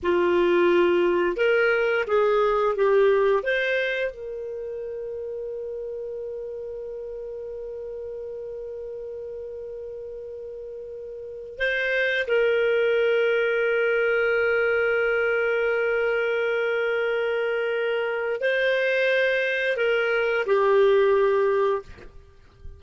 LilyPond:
\new Staff \with { instrumentName = "clarinet" } { \time 4/4 \tempo 4 = 88 f'2 ais'4 gis'4 | g'4 c''4 ais'2~ | ais'1~ | ais'1~ |
ais'4 c''4 ais'2~ | ais'1~ | ais'2. c''4~ | c''4 ais'4 g'2 | }